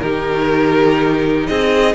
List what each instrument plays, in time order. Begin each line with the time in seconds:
0.00 cello D#3, viola D#4, violin G4 A#4
1.46 cello C4, violin G#4 D#5